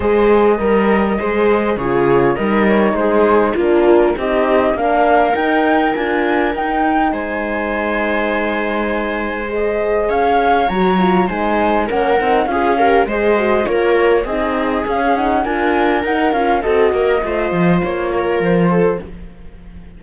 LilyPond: <<
  \new Staff \with { instrumentName = "flute" } { \time 4/4 \tempo 4 = 101 dis''2. cis''4 | dis''8 cis''8 c''4 ais'4 dis''4 | f''4 g''4 gis''4 g''4 | gis''1 |
dis''4 f''4 ais''4 gis''4 | fis''4 f''4 dis''4 cis''4 | dis''4 f''8 fis''8 gis''4 fis''8 f''8 | dis''2 cis''4 c''4 | }
  \new Staff \with { instrumentName = "viola" } { \time 4/4 c''4 ais'4 c''4 gis'4 | ais'4 gis'4 f'4 g'4 | ais'1 | c''1~ |
c''4 cis''2 c''4 | ais'4 gis'8 ais'8 c''4 ais'4 | gis'2 ais'2 | a'8 ais'8 c''4. ais'4 a'8 | }
  \new Staff \with { instrumentName = "horn" } { \time 4/4 gis'4 ais'4 gis'4 f'4 | dis'2 d'4 dis'4 | d'4 dis'4 f'4 dis'4~ | dis'1 |
gis'2 fis'8 f'8 dis'4 | cis'8 dis'8 f'8 g'8 gis'8 fis'8 f'4 | dis'4 cis'8 dis'8 f'4 dis'8 f'8 | fis'4 f'2. | }
  \new Staff \with { instrumentName = "cello" } { \time 4/4 gis4 g4 gis4 cis4 | g4 gis4 ais4 c'4 | ais4 dis'4 d'4 dis'4 | gis1~ |
gis4 cis'4 fis4 gis4 | ais8 c'8 cis'4 gis4 ais4 | c'4 cis'4 d'4 dis'8 cis'8 | c'8 ais8 a8 f8 ais4 f4 | }
>>